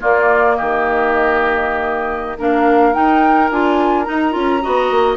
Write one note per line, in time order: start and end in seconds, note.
0.00 2.38 A#3
0.00 0.59 A#3
0.00 0.56 F4
0.00 0.56 D5
0.56 2.39 D#3
0.56 2.38 G4
0.56 2.38 D#5
2.38 2.95 A#3
2.38 2.94 D4
2.38 4.62 A#4
2.38 2.93 F5
2.93 3.50 D#4
2.93 3.51 D#4
2.93 3.50 G5
3.51 4.07 D4
3.51 4.05 F4
3.51 4.04 G#5
4.04 4.32 D#4
4.04 5.16 A#5
4.10 4.35 D#4
4.32 4.63 C#4
4.32 4.60 F4
4.62 4.91 B3
4.62 5.17 F#4
4.62 5.17 D#5
4.91 5.17 A#3